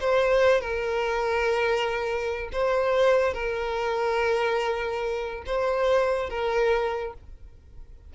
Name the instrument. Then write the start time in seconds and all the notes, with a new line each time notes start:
violin
0.00 C5
0.61 A#4
2.53 C5
3.34 A#4
5.46 C5
6.30 A#4